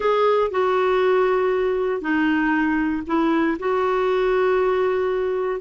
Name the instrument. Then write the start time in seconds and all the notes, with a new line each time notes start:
clarinet
0.00 G#4
0.50 F#4
2.01 D#4
3.06 E4
3.59 F#4